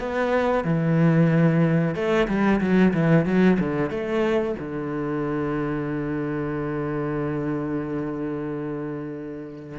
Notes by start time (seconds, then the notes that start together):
0.00 B3
0.65 E3
1.95 A3
2.28 G3
2.61 F#3
2.94 E3
3.26 F#3
3.60 D3
3.91 A3
4.60 D3